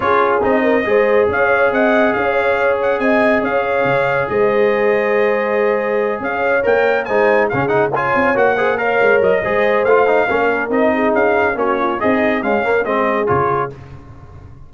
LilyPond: <<
  \new Staff \with { instrumentName = "trumpet" } { \time 4/4 \tempo 4 = 140 cis''4 dis''2 f''4 | fis''4 f''4. fis''8 gis''4 | f''2 dis''2~ | dis''2~ dis''8 f''4 g''8~ |
g''8 gis''4 f''8 fis''8 gis''4 fis''8~ | fis''8 f''4 dis''4. f''4~ | f''4 dis''4 f''4 cis''4 | dis''4 f''4 dis''4 cis''4 | }
  \new Staff \with { instrumentName = "horn" } { \time 4/4 gis'4. ais'8 c''4 cis''4 | dis''4 cis''2 dis''4 | cis''2 c''2~ | c''2~ c''8 cis''4.~ |
cis''8 c''4 gis'4 cis''4. | c''8 cis''4. c''2 | ais'4. gis'4. fis'8 f'8 | dis'4 cis'4 gis'2 | }
  \new Staff \with { instrumentName = "trombone" } { \time 4/4 f'4 dis'4 gis'2~ | gis'1~ | gis'1~ | gis'2.~ gis'8 ais'8~ |
ais'8 dis'4 cis'8 dis'8 f'4 fis'8 | gis'8 ais'4. gis'4 f'8 dis'8 | cis'4 dis'2 cis'4 | gis'4 gis8 ais8 c'4 f'4 | }
  \new Staff \with { instrumentName = "tuba" } { \time 4/4 cis'4 c'4 gis4 cis'4 | c'4 cis'2 c'4 | cis'4 cis4 gis2~ | gis2~ gis8 cis'4 ais8~ |
ais8 gis4 cis4. c'8 ais8~ | ais4 gis8 fis8 gis4 a4 | ais4 c'4 cis'4 ais4 | c'4 cis'4 gis4 cis4 | }
>>